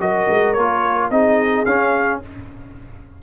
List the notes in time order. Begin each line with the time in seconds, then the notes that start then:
0.00 F#3 F#4 A#4 D#5
0.30 G#3
0.53 A#3 F4 C#5
1.10 C4 D#4 G#4 D#5
1.65 C#4 F5